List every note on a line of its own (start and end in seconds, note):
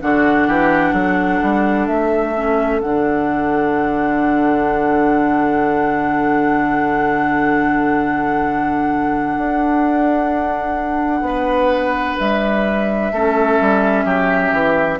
0.00 0.47 D3
0.00 2.34 D4
0.00 0.47 F#4
0.00 1.87 F#5
0.47 0.92 E3
0.47 0.94 G4
0.92 1.39 F#3
0.92 11.25 A4
1.42 1.88 G3
1.87 2.81 A3
1.87 2.80 E5
2.35 2.82 C#4
2.81 9.37 D3
2.81 13.13 D4
2.81 12.18 F#5
9.37 11.21 D4
11.21 12.14 B3
11.21 13.13 B4
12.19 13.11 G3
12.19 15.00 E5
13.11 13.58 A3
13.11 15.00 C#4
13.11 14.04 A4
13.60 14.05 G3
14.04 14.52 F#3
14.04 14.98 G4
14.52 14.99 E3